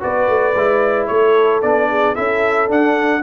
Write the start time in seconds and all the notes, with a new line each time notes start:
0.00 B3 F#4 B4 D5
0.28 A3
0.55 G#3 E4
1.07 A3 A4 C#5
1.62 B3 D4 D5
1.90 G#4
2.14 C#4 E4 A4 E5
2.68 D4 F#5